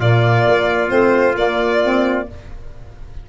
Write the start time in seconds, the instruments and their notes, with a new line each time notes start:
0.00 tuba A#2, saxophone A#3, trumpet F4, violin D5
0.48 tuba A#3
0.88 tuba A3, saxophone C4, violin C5
1.36 saxophone A#3, tuba A#3, violin D5
1.84 saxophone C4